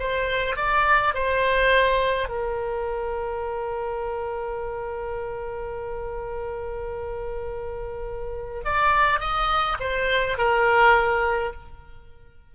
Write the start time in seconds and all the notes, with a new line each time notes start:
0.00 C5
0.57 D5
1.15 C5
2.29 A#4
8.65 D5
9.20 D#5
9.81 C5
10.38 A#4